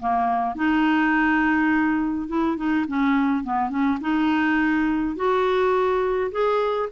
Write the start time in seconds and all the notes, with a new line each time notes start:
0.00 A#3
0.55 D#4
2.28 E4
2.57 D#4
2.88 C#4
3.44 B3
3.70 C#4
4.01 D#4
5.16 F#4
6.32 G#4